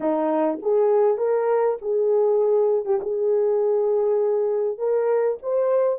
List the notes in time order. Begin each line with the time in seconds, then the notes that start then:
0.00 D#4
0.61 G#4
1.17 A#4
1.81 G#4
2.85 G4
3.01 G#4
4.78 A#4
5.42 C5